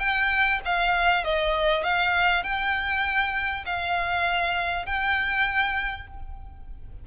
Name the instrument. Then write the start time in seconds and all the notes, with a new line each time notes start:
violin
0.00 G5
0.65 F5
1.25 D#5
1.84 F5
2.44 G5
3.66 F5
4.86 G5